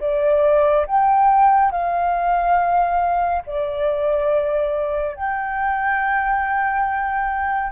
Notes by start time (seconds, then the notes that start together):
0.00 D5
0.86 G5
1.71 F5
3.46 D5
5.15 G5